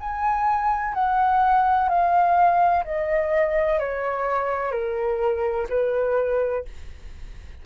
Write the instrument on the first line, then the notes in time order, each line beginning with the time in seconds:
flute
0.00 G#5
0.94 F#5
1.89 F5
2.84 D#5
3.79 C#5
4.71 A#4
5.69 B4